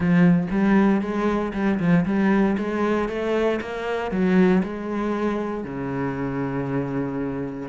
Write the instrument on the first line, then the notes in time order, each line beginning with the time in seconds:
cello
0.00 F3
0.51 G3
1.01 G#3
1.53 G3
1.79 F3
2.05 G3
2.57 G#3
3.08 A3
3.61 A#3
4.11 F#3
4.63 G#3
5.63 C#3